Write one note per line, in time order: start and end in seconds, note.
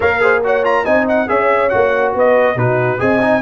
0.00 0.85 A#3
0.00 0.20 A#4
0.00 0.20 C#5
0.00 0.43 F5
0.20 0.41 G#4
0.20 0.44 C5
0.44 0.63 F#4
0.44 0.84 C#5
0.44 0.65 F#5
0.63 0.84 F4
0.63 0.85 A#5
0.84 1.28 C4
0.84 1.27 D#4
0.84 1.27 D#5
0.84 1.06 G#5
1.08 1.28 F#5
1.27 1.72 C#4
1.27 1.70 G#4
1.27 2.15 C#5
1.27 1.69 E5
1.69 2.14 A#3
1.69 2.56 F#4
1.69 2.12 F#5
2.14 2.55 B3
2.14 2.58 B4
2.14 2.58 D#5
2.55 2.98 B2
2.55 2.98 D#4
2.55 3.00 F#4
2.55 3.00 B4
2.98 3.41 C4
2.98 3.19 G#4
2.98 3.41 D#5
2.98 3.41 G#5
3.21 3.41 D#4